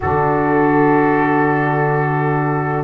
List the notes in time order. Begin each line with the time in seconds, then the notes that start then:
0.00 D3 D4 F#4 A4